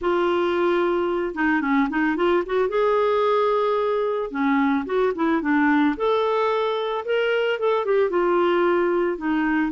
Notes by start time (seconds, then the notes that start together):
0.01 F4
1.35 D#4
1.61 C#4
1.89 D#4
2.16 F4
2.45 F#4
2.69 G#4
4.30 C#4
4.85 F#4
5.15 E4
5.41 D4
5.96 A4
7.05 A#4
7.59 A4
7.85 G4
8.10 F4
9.17 D#4